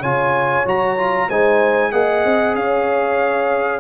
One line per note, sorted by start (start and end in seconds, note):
0.00 0.65 C#3
0.00 0.66 F4
0.00 1.26 C#5
0.00 0.66 G#5
0.66 1.29 F#3
0.66 0.97 F#4
0.66 1.30 A#5
0.97 1.29 F4
1.28 1.92 G#3
1.28 1.92 D#4
1.28 1.91 C5
1.28 1.92 G#5
1.92 2.24 A#3
1.92 3.80 G#4
1.92 2.56 D#5
1.92 2.55 F#5
2.24 2.54 C4
2.54 3.80 C#4
2.54 3.80 C#5
2.54 3.80 F5